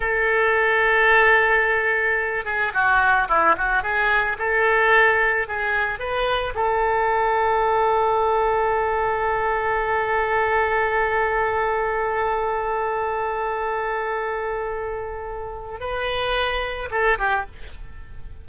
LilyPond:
\new Staff \with { instrumentName = "oboe" } { \time 4/4 \tempo 4 = 110 a'1~ | a'8 gis'8 fis'4 e'8 fis'8 gis'4 | a'2 gis'4 b'4 | a'1~ |
a'1~ | a'1~ | a'1~ | a'4 b'2 a'8 g'8 | }